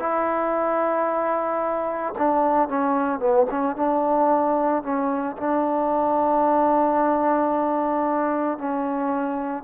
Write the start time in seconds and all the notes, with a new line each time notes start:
0.00 E4
2.19 D4
2.69 C#4
3.20 B3
3.51 C#4
3.76 D4
4.84 C#4
5.38 D4
8.59 C#4